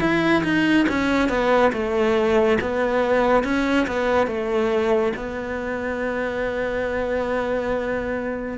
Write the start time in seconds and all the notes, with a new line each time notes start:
0.00 E4
0.44 D#4
0.88 C#4
1.29 B3
1.72 A3
2.61 B3
3.43 C#4
3.87 B3
4.27 A3
5.16 B3